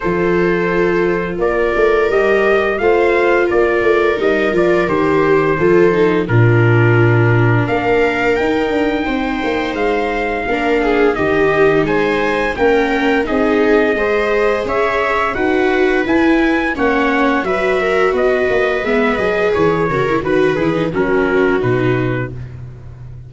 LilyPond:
<<
  \new Staff \with { instrumentName = "trumpet" } { \time 4/4 \tempo 4 = 86 c''2 d''4 dis''4 | f''4 d''4 dis''8 d''8 c''4~ | c''4 ais'2 f''4 | g''2 f''2 |
dis''4 gis''4 g''4 dis''4~ | dis''4 e''4 fis''4 gis''4 | fis''4 e''4 dis''4 e''8 dis''8 | cis''4 b'8 gis'8 ais'4 b'4 | }
  \new Staff \with { instrumentName = "viola" } { \time 4/4 a'2 ais'2 | c''4 ais'2. | a'4 f'2 ais'4~ | ais'4 c''2 ais'8 gis'8 |
g'4 c''4 ais'4 gis'4 | c''4 cis''4 b'2 | cis''4 b'8 ais'8 b'2~ | b'8 ais'8 b'4 fis'2 | }
  \new Staff \with { instrumentName = "viola" } { \time 4/4 f'2. g'4 | f'2 dis'8 f'8 g'4 | f'8 dis'8 d'2. | dis'2. d'4 |
dis'2 cis'4 dis'4 | gis'2 fis'4 e'4 | cis'4 fis'2 b8 gis'8~ | gis'8 fis'16 e'16 fis'8 e'16 dis'16 cis'4 dis'4 | }
  \new Staff \with { instrumentName = "tuba" } { \time 4/4 f2 ais8 a8 g4 | a4 ais8 a8 g8 f8 dis4 | f4 ais,2 ais4 | dis'8 d'8 c'8 ais8 gis4 ais4 |
dis4 gis4 ais4 c'4 | gis4 cis'4 dis'4 e'4 | ais4 fis4 b8 ais8 gis8 fis8 | e8 cis8 dis8 e8 fis4 b,4 | }
>>